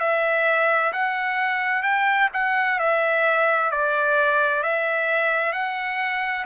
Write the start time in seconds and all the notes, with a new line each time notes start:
0.00 E5
0.93 F#5
1.83 G5
2.34 F#5
2.79 E5
3.71 D5
4.63 E5
5.53 F#5